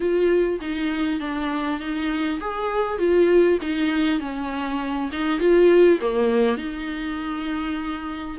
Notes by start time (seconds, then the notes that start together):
0.00 F4
0.61 D#4
1.20 D4
1.79 D#4
2.40 G#4
2.98 F4
3.61 D#4
4.20 C#4
5.12 D#4
5.39 F4
6.01 A#3
6.57 D#4